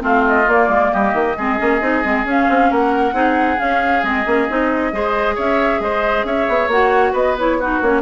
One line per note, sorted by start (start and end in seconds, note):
0.00 0.48 A3
0.00 0.44 C4
0.00 0.92 F4
0.00 0.25 F5
0.28 0.50 D#5
0.48 0.68 A#3
0.48 1.37 A#3
0.48 0.94 D5
0.68 0.90 G#3
0.93 1.14 G3
0.93 1.37 G4
0.93 2.27 D#5
1.14 1.36 D#3
1.37 1.60 G#3
1.37 1.58 C4
1.37 2.70 G#4
1.58 1.81 A#3
1.58 1.80 C#4
1.81 2.03 C4
1.81 2.04 D#4
2.04 2.25 G#3
2.04 2.26 C4
2.25 2.47 C#4
2.25 3.13 C#4
2.25 2.73 F5
2.49 2.71 C4
2.70 3.13 A#3
2.70 3.15 A#4
2.70 3.60 F#5
3.13 3.57 C4
3.13 3.57 D#4
3.13 4.92 G#4
3.58 4.02 C#4
3.58 4.03 C#4
3.58 4.04 F5
4.03 4.25 G#3
4.03 4.25 C4
4.03 5.37 D#5
4.26 4.49 A#3
4.26 4.48 C#4
4.49 4.93 C4
4.49 4.93 D#4
4.93 5.37 G#3
4.93 6.70 G#4
4.93 5.35 C5
5.35 5.80 C#4
5.35 5.79 C#5
5.35 5.81 E5
5.80 6.24 G#3
5.80 6.26 C5
5.80 6.25 D#5
6.24 6.47 C#4
6.24 7.13 C#5
6.24 6.70 E5
6.49 6.68 B3
6.68 7.12 A#3
6.68 7.38 F#4
6.68 7.15 F#5
7.13 7.80 B3
7.13 7.57 B4
7.13 7.38 D#5
7.38 7.60 E4
7.38 7.61 C#5
7.60 7.83 D#4
7.60 8.02 F#4
7.60 7.82 B4
7.82 8.02 A#3
7.82 8.02 C#4
7.82 8.02 C#5